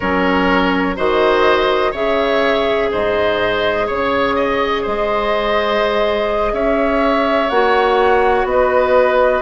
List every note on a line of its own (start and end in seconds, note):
0.00 0.98 F#3
0.00 0.96 C#4
0.00 0.96 A#4
0.00 0.96 C#5
0.96 1.93 D#3
0.96 1.92 F#4
0.96 1.91 C5
0.96 1.94 D#5
1.91 2.90 C#3
1.91 7.49 G#4
1.91 2.88 C#5
1.91 2.91 E5
2.91 3.89 G#2
2.91 3.86 C5
2.91 3.88 D#5
3.86 4.86 C#3
3.86 4.35 C#5
3.86 4.85 C#5
4.35 4.82 D#5
4.82 6.52 G#3
4.82 6.51 C5
4.82 6.53 D#5
6.52 7.49 C#4
6.52 8.47 C#5
6.52 7.49 E5
7.49 8.44 A#3
7.49 9.42 F#4
7.49 8.46 F#5
8.44 9.41 B3
8.44 9.42 B4
8.44 9.42 D#5